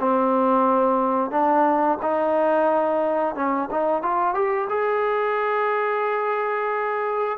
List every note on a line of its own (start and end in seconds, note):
0.00 1.31 C4
1.31 1.98 D4
2.02 3.35 D#4
3.35 3.69 C#4
3.71 4.03 D#4
4.03 4.35 F4
4.35 4.68 G4
4.69 7.39 G#4